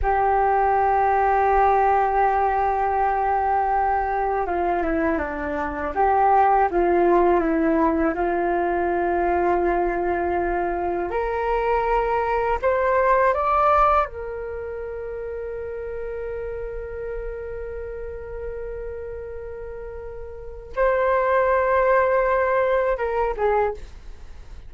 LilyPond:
\new Staff \with { instrumentName = "flute" } { \time 4/4 \tempo 4 = 81 g'1~ | g'2 f'8 e'8 d'4 | g'4 f'4 e'4 f'4~ | f'2. ais'4~ |
ais'4 c''4 d''4 ais'4~ | ais'1~ | ais'1 | c''2. ais'8 gis'8 | }